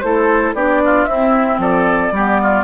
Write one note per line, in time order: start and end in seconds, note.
0.00 0.53 A3
0.00 0.55 E4
0.00 0.55 A4
0.00 0.53 C5
0.53 1.06 B3
0.53 1.08 D4
0.53 0.81 G4
0.53 1.05 D5
0.84 1.09 F4
1.05 1.58 C4
1.05 2.13 C4
1.05 1.61 E4
1.05 1.57 E5
1.58 2.10 F3
1.58 2.13 A4
1.58 2.64 D5
2.11 2.64 G3
2.11 2.64 B3
2.11 2.41 G4
2.42 2.64 F4